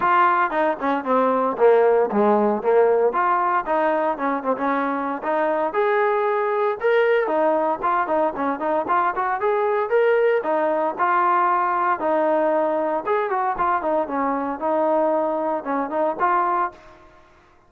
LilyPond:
\new Staff \with { instrumentName = "trombone" } { \time 4/4 \tempo 4 = 115 f'4 dis'8 cis'8 c'4 ais4 | gis4 ais4 f'4 dis'4 | cis'8 c'16 cis'4~ cis'16 dis'4 gis'4~ | gis'4 ais'4 dis'4 f'8 dis'8 |
cis'8 dis'8 f'8 fis'8 gis'4 ais'4 | dis'4 f'2 dis'4~ | dis'4 gis'8 fis'8 f'8 dis'8 cis'4 | dis'2 cis'8 dis'8 f'4 | }